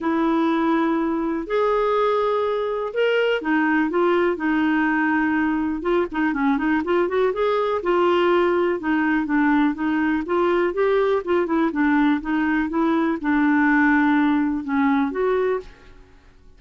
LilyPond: \new Staff \with { instrumentName = "clarinet" } { \time 4/4 \tempo 4 = 123 e'2. gis'4~ | gis'2 ais'4 dis'4 | f'4 dis'2. | f'8 dis'8 cis'8 dis'8 f'8 fis'8 gis'4 |
f'2 dis'4 d'4 | dis'4 f'4 g'4 f'8 e'8 | d'4 dis'4 e'4 d'4~ | d'2 cis'4 fis'4 | }